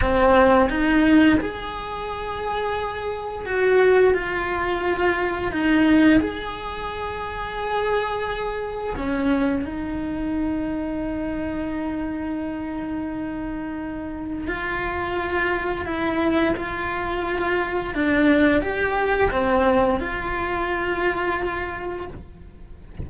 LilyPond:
\new Staff \with { instrumentName = "cello" } { \time 4/4 \tempo 4 = 87 c'4 dis'4 gis'2~ | gis'4 fis'4 f'2 | dis'4 gis'2.~ | gis'4 cis'4 dis'2~ |
dis'1~ | dis'4 f'2 e'4 | f'2 d'4 g'4 | c'4 f'2. | }